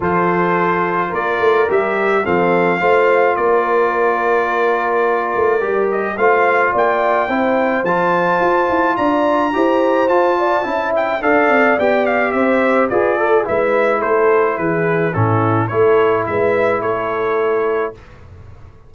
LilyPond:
<<
  \new Staff \with { instrumentName = "trumpet" } { \time 4/4 \tempo 4 = 107 c''2 d''4 e''4 | f''2 d''2~ | d''2~ d''8 dis''8 f''4 | g''2 a''2 |
ais''2 a''4. g''8 | f''4 g''8 f''8 e''4 d''4 | e''4 c''4 b'4 a'4 | cis''4 e''4 cis''2 | }
  \new Staff \with { instrumentName = "horn" } { \time 4/4 a'2 ais'2 | a'4 c''4 ais'2~ | ais'2. c''4 | d''4 c''2. |
d''4 c''4. d''8 e''4 | d''2 c''4 b'8 a'8 | b'4 a'4 gis'4 e'4 | a'4 b'4 a'2 | }
  \new Staff \with { instrumentName = "trombone" } { \time 4/4 f'2. g'4 | c'4 f'2.~ | f'2 g'4 f'4~ | f'4 e'4 f'2~ |
f'4 g'4 f'4 e'4 | a'4 g'2 gis'8 a'8 | e'2. cis'4 | e'1 | }
  \new Staff \with { instrumentName = "tuba" } { \time 4/4 f2 ais8 a8 g4 | f4 a4 ais2~ | ais4. a8 g4 a4 | ais4 c'4 f4 f'8 e'8 |
d'4 e'4 f'4 cis'4 | d'8 c'8 b4 c'4 f'4 | gis4 a4 e4 a,4 | a4 gis4 a2 | }
>>